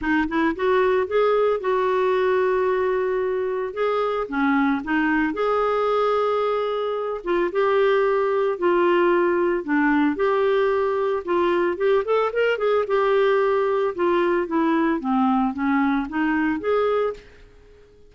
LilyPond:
\new Staff \with { instrumentName = "clarinet" } { \time 4/4 \tempo 4 = 112 dis'8 e'8 fis'4 gis'4 fis'4~ | fis'2. gis'4 | cis'4 dis'4 gis'2~ | gis'4. f'8 g'2 |
f'2 d'4 g'4~ | g'4 f'4 g'8 a'8 ais'8 gis'8 | g'2 f'4 e'4 | c'4 cis'4 dis'4 gis'4 | }